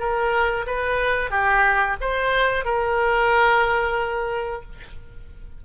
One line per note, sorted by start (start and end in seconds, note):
0.00 0.66 A#4
0.67 1.31 B4
1.31 1.97 G4
2.01 2.65 C5
2.65 4.63 A#4